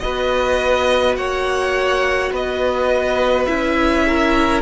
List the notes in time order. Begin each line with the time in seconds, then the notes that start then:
0.00 B3 F#4 B4 D#5
1.16 A#3 C#5 F#5
2.31 B3 B4 D#5
3.45 C#4 E4 E5
4.07 A#4